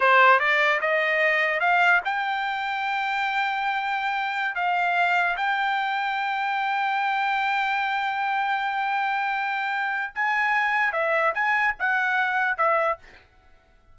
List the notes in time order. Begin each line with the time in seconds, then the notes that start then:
0.00 C5
0.39 D5
0.80 D#5
1.60 F5
2.04 G5
4.55 F5
5.36 G5
10.14 G#5
10.92 E5
11.34 G#5
11.79 F#5
12.57 E5